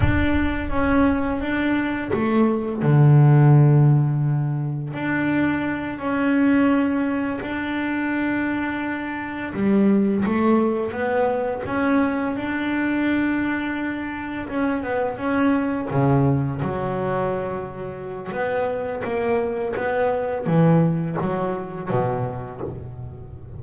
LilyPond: \new Staff \with { instrumentName = "double bass" } { \time 4/4 \tempo 4 = 85 d'4 cis'4 d'4 a4 | d2. d'4~ | d'8 cis'2 d'4.~ | d'4. g4 a4 b8~ |
b8 cis'4 d'2~ d'8~ | d'8 cis'8 b8 cis'4 cis4 fis8~ | fis2 b4 ais4 | b4 e4 fis4 b,4 | }